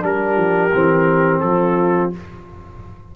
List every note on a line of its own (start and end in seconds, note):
0.00 0.36 G3
0.00 0.70 D4
0.00 1.44 G4
0.00 1.40 A#4
0.36 0.71 F3
0.73 1.42 E3
0.73 2.13 C4
1.40 2.12 F3
1.40 2.15 F4
1.40 2.09 A4